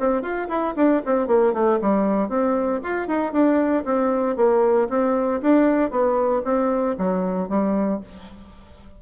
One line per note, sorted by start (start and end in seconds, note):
0.00 0.22 C4
0.22 0.48 F4
0.49 0.75 E4
0.76 1.02 D4
1.06 1.28 C4
1.28 1.54 A#3
1.54 1.79 A3
1.82 2.29 G3
2.29 2.81 C4
2.83 3.08 F4
3.08 3.33 D#4
3.33 3.84 D4
3.85 4.37 C4
4.37 4.89 A#3
4.89 5.41 C4
5.42 5.91 D4
5.91 6.43 B3
6.45 6.96 C4
6.98 7.49 F#3
7.49 8.01 G3